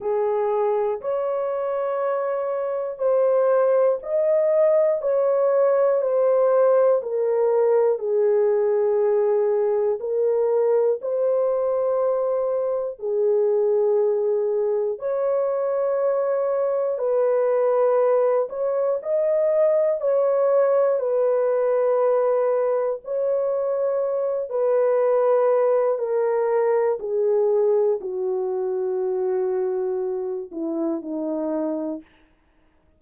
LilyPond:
\new Staff \with { instrumentName = "horn" } { \time 4/4 \tempo 4 = 60 gis'4 cis''2 c''4 | dis''4 cis''4 c''4 ais'4 | gis'2 ais'4 c''4~ | c''4 gis'2 cis''4~ |
cis''4 b'4. cis''8 dis''4 | cis''4 b'2 cis''4~ | cis''8 b'4. ais'4 gis'4 | fis'2~ fis'8 e'8 dis'4 | }